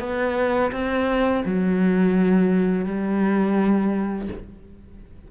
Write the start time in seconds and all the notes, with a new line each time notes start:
0.00 B3
0.72 C4
1.45 F#3
2.85 G3